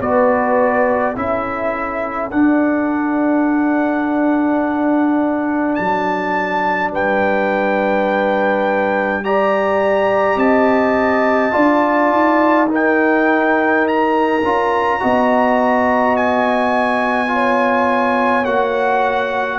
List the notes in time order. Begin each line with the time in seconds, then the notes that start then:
0.00 B3 F#4 B4 D5
1.15 C#4 E4 A4 E5
2.30 D4 F#5
5.75 F#3 A5
6.92 G3 B4 G5
9.24 G4 D5 A#5
10.36 C4 D#5 A5
11.52 D4 F4 D5
12.10 D#4
12.69 D#4 A#4 G5
13.87 A#5
14.42 C#4 F4
15.00 B3 F#4 D#5
16.16 G#5
17.28 F4 C#5
18.45 A#3 F#4 F#5